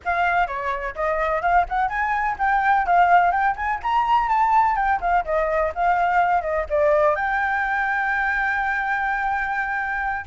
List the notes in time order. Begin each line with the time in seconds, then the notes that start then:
0.04 F5
0.47 C#5
0.95 D#5
1.42 F5
1.68 F#5
1.88 G#5
2.38 G5
2.86 F5
3.31 G5
3.55 G#5
3.82 A#5
4.28 A5
4.76 G5
5.00 F5
5.24 D#5
5.74 F5
6.41 D#5
6.69 D5
7.15 G5